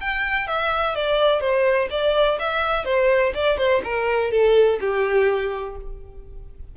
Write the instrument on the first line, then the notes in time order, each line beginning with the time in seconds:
violin
0.00 G5
0.47 E5
0.95 D5
1.40 C5
1.90 D5
2.39 E5
2.85 C5
3.34 D5
3.57 C5
3.84 A#4
4.31 A4
4.80 G4